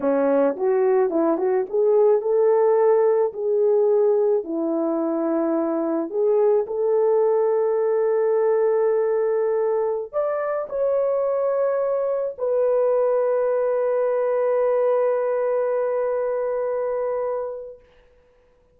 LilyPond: \new Staff \with { instrumentName = "horn" } { \time 4/4 \tempo 4 = 108 cis'4 fis'4 e'8 fis'8 gis'4 | a'2 gis'2 | e'2. gis'4 | a'1~ |
a'2~ a'16 d''4 cis''8.~ | cis''2~ cis''16 b'4.~ b'16~ | b'1~ | b'1 | }